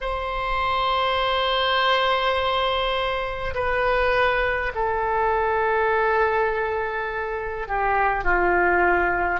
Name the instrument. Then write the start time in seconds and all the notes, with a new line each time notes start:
oboe
0.01 C5
3.54 B4
4.74 A4
7.67 G4
8.24 F4